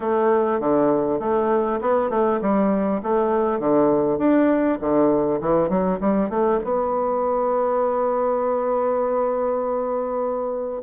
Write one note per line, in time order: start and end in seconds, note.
0.00 0.60 A3
0.60 1.19 D3
1.19 1.79 A3
1.81 2.10 B3
2.10 2.40 A3
2.41 3.01 G3
3.02 3.59 A3
3.59 4.18 D3
4.18 4.78 D4
4.80 5.40 D3
5.40 5.69 E3
5.69 5.99 F#3
6.00 6.29 G3
6.29 6.59 A3
6.64 10.82 B3